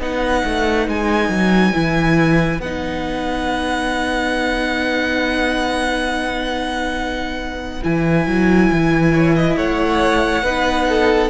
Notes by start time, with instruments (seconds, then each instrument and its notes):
0.00 cello B3, viola D#4, violin B4 F#5
0.45 cello A3
0.88 cello G#3, violin G#5
1.29 cello F#3
1.73 cello E3, viola E4
2.60 cello B3, viola D#4, violin F#5
7.83 cello E3, viola E4, violin G#5
8.27 cello F#3
8.72 cello E3
9.13 violin C#5
9.37 violin D#5
9.57 cello A3, violin C#5 F#5
10.43 cello B3, viola D#4, violin B4
10.89 violin A4